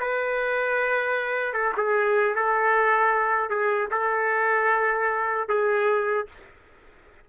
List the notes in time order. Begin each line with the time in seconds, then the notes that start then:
0.00 B4
1.53 A4
1.77 G#4
2.35 A4
3.50 G#4
3.91 A4
5.49 G#4